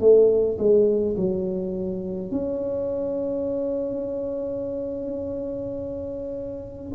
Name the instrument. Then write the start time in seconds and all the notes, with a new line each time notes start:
tuba
0.00 A3
0.58 G#3
1.16 F#3
2.31 C#4